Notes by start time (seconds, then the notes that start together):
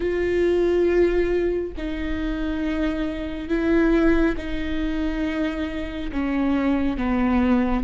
0.00 F4
1.77 D#4
3.48 E4
4.37 D#4
6.11 C#4
6.97 B3